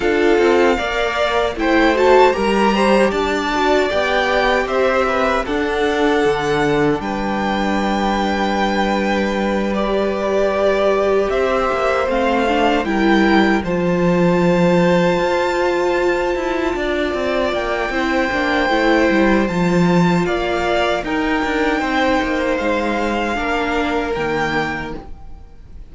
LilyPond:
<<
  \new Staff \with { instrumentName = "violin" } { \time 4/4 \tempo 4 = 77 f''2 g''8 a''8 ais''4 | a''4 g''4 e''4 fis''4~ | fis''4 g''2.~ | g''8 d''2 e''4 f''8~ |
f''8 g''4 a''2~ a''8~ | a''2~ a''8 g''4.~ | g''4 a''4 f''4 g''4~ | g''4 f''2 g''4 | }
  \new Staff \with { instrumentName = "violin" } { \time 4/4 a'4 d''4 c''4 ais'8 c''8 | d''2 c''8 b'8 a'4~ | a'4 b'2.~ | b'2~ b'8 c''4.~ |
c''8 ais'4 c''2~ c''8~ | c''4. d''4. c''4~ | c''2 d''4 ais'4 | c''2 ais'2 | }
  \new Staff \with { instrumentName = "viola" } { \time 4/4 f'4 ais'4 e'8 fis'8 g'4~ | g'8 fis'8 g'2 d'4~ | d'1~ | d'8 g'2. c'8 |
d'8 e'4 f'2~ f'8~ | f'2. e'8 d'8 | e'4 f'2 dis'4~ | dis'2 d'4 ais4 | }
  \new Staff \with { instrumentName = "cello" } { \time 4/4 d'8 c'8 ais4 a4 g4 | d'4 b4 c'4 d'4 | d4 g2.~ | g2~ g8 c'8 ais8 a8~ |
a8 g4 f2 f'8~ | f'4 e'8 d'8 c'8 ais8 c'8 ais8 | a8 g8 f4 ais4 dis'8 d'8 | c'8 ais8 gis4 ais4 dis4 | }
>>